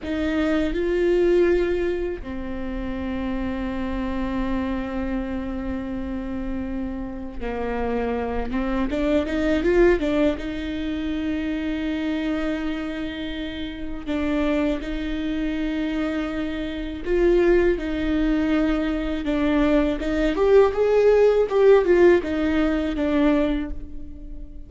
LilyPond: \new Staff \with { instrumentName = "viola" } { \time 4/4 \tempo 4 = 81 dis'4 f'2 c'4~ | c'1~ | c'2 ais4. c'8 | d'8 dis'8 f'8 d'8 dis'2~ |
dis'2. d'4 | dis'2. f'4 | dis'2 d'4 dis'8 g'8 | gis'4 g'8 f'8 dis'4 d'4 | }